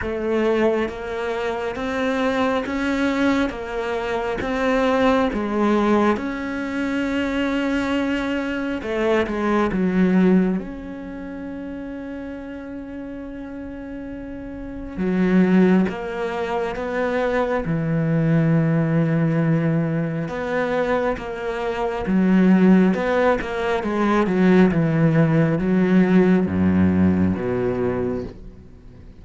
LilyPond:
\new Staff \with { instrumentName = "cello" } { \time 4/4 \tempo 4 = 68 a4 ais4 c'4 cis'4 | ais4 c'4 gis4 cis'4~ | cis'2 a8 gis8 fis4 | cis'1~ |
cis'4 fis4 ais4 b4 | e2. b4 | ais4 fis4 b8 ais8 gis8 fis8 | e4 fis4 fis,4 b,4 | }